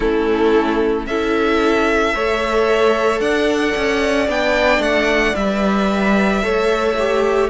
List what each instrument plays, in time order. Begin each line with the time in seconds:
0.00 cello A3, viola C#4, violin E4 A4
1.06 cello C#4, viola E4, violin A4 E5
2.14 cello A3, viola A4, violin C#5
3.20 cello D4, violin D5 F#5
3.76 cello C#4
4.27 cello B3, viola D4, violin G5
4.78 cello A3, violin F#5
5.35 cello G3, viola B4, violin E5
6.42 cello A3, viola A4, violin C#5
6.98 viola G4